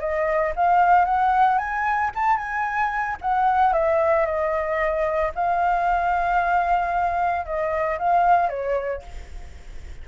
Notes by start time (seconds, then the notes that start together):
0.00 D#5
0.56 F5
1.05 F#5
1.58 G#5
2.15 A5
2.37 G#5
3.21 F#5
3.73 E5
4.26 D#5
5.35 F5
7.46 D#5
7.99 F5
8.49 C#5